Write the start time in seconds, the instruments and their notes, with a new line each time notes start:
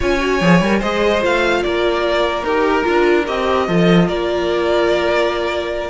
0.00 cello C#4, viola F4, violin C#5 G#5
0.19 viola F#4
0.40 cello F3, viola G#4
0.60 cello G3, viola A#4
0.79 cello G#3, viola G#4, violin C5 D#5
1.20 cello A3, viola F4, violin F5
1.62 cello A#3, violin A#4 D5
2.43 cello D#4, viola G4, violin A#4
2.83 cello D4, viola F4
3.26 cello C4, viola G4, violin D#5
3.66 cello F3, viola F4, violin A4
4.07 cello A#3, violin A#4 D5